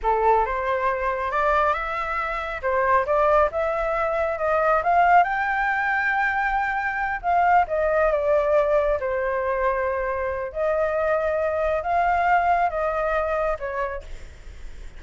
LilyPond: \new Staff \with { instrumentName = "flute" } { \time 4/4 \tempo 4 = 137 a'4 c''2 d''4 | e''2 c''4 d''4 | e''2 dis''4 f''4 | g''1~ |
g''8 f''4 dis''4 d''4.~ | d''8 c''2.~ c''8 | dis''2. f''4~ | f''4 dis''2 cis''4 | }